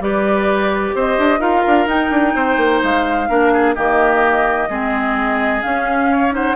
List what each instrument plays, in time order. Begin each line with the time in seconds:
0.00 bassoon G3, clarinet G4, oboe B4, flute D5
0.94 bassoon C4, oboe C5, flute D#5
1.18 bassoon D4
1.40 bassoon D#4, clarinet F4, oboe A#4, flute F5
1.67 bassoon D4
1.86 bassoon D#4, clarinet D#4, flute G5
2.10 bassoon D4
2.35 bassoon C4, oboe C5
2.57 bassoon A#3
2.83 bassoon G#3, flute F5
3.29 bassoon A#3, clarinet D4, oboe A#4
3.53 oboe G#4
3.75 bassoon D#3, clarinet A#3, oboe G4, flute D#5
4.69 bassoon G#3, clarinet C4, oboe G#4
5.62 clarinet C#4, bassoon C#4, flute F5
6.11 oboe C#5
6.31 clarinet D#4, oboe C5, flute F#5